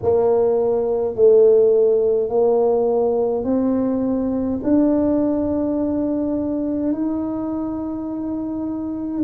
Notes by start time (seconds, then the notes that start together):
0.02 A#3
1.15 A3
2.29 A#3
3.44 C4
4.63 D4
6.92 D#4